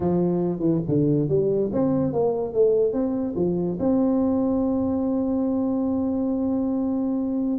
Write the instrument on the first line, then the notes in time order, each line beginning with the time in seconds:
tuba
0.00 F3
0.59 E3
0.88 D3
1.28 G3
1.72 C4
2.12 A#3
2.53 A3
2.92 C4
3.35 F3
3.79 C4